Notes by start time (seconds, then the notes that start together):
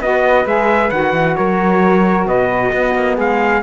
0.00 B3 F#4 B4 D#5
0.45 G#3 G#4 E5
0.90 D#3 F#4 F#5
1.13 E3
1.36 F#3 A#4 C#5
2.26 B2 B4 D#5
2.69 B3 F#4
2.95 A#3
3.16 G#3 G#4 F5